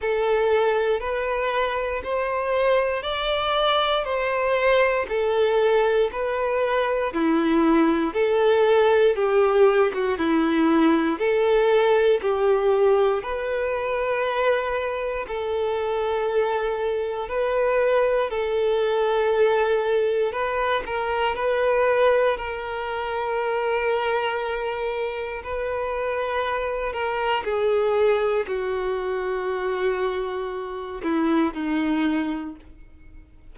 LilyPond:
\new Staff \with { instrumentName = "violin" } { \time 4/4 \tempo 4 = 59 a'4 b'4 c''4 d''4 | c''4 a'4 b'4 e'4 | a'4 g'8. fis'16 e'4 a'4 | g'4 b'2 a'4~ |
a'4 b'4 a'2 | b'8 ais'8 b'4 ais'2~ | ais'4 b'4. ais'8 gis'4 | fis'2~ fis'8 e'8 dis'4 | }